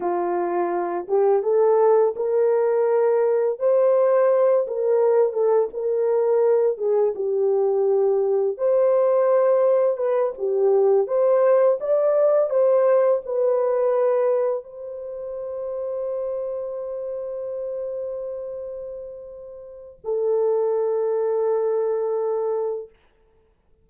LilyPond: \new Staff \with { instrumentName = "horn" } { \time 4/4 \tempo 4 = 84 f'4. g'8 a'4 ais'4~ | ais'4 c''4. ais'4 a'8 | ais'4. gis'8 g'2 | c''2 b'8 g'4 c''8~ |
c''8 d''4 c''4 b'4.~ | b'8 c''2.~ c''8~ | c''1 | a'1 | }